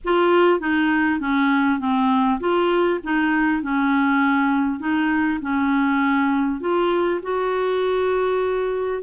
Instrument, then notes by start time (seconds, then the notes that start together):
clarinet
0.04 F4
0.60 D#4
1.20 C#4
1.79 C4
2.40 F4
3.03 D#4
3.62 C#4
4.79 D#4
5.41 C#4
6.60 F4
7.22 F#4